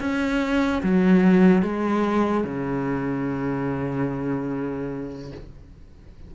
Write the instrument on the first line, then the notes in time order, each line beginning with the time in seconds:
cello
0.00 C#4
0.83 F#3
1.63 G#3
2.44 C#3